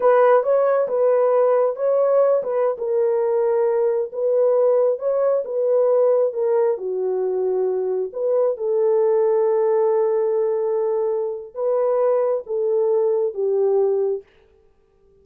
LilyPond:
\new Staff \with { instrumentName = "horn" } { \time 4/4 \tempo 4 = 135 b'4 cis''4 b'2 | cis''4. b'8. ais'4.~ ais'16~ | ais'4~ ais'16 b'2 cis''8.~ | cis''16 b'2 ais'4 fis'8.~ |
fis'2~ fis'16 b'4 a'8.~ | a'1~ | a'2 b'2 | a'2 g'2 | }